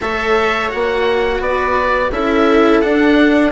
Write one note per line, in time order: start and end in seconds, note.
0.01 0.71 A3
0.01 0.69 A4
0.01 1.42 C#5
0.01 0.71 E5
0.69 1.40 A#3
0.69 2.10 F#4
0.69 1.41 F#5
1.40 2.10 B3
1.40 2.12 B4
1.40 2.12 D5
2.11 2.82 C#4
2.11 2.82 E4
2.11 3.51 A4
2.11 2.80 E5
2.80 3.51 D4
2.80 3.51 F#5